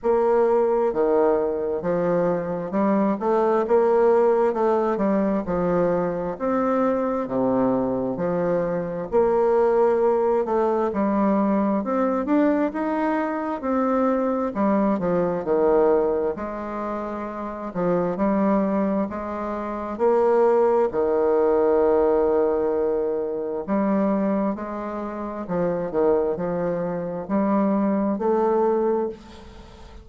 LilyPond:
\new Staff \with { instrumentName = "bassoon" } { \time 4/4 \tempo 4 = 66 ais4 dis4 f4 g8 a8 | ais4 a8 g8 f4 c'4 | c4 f4 ais4. a8 | g4 c'8 d'8 dis'4 c'4 |
g8 f8 dis4 gis4. f8 | g4 gis4 ais4 dis4~ | dis2 g4 gis4 | f8 dis8 f4 g4 a4 | }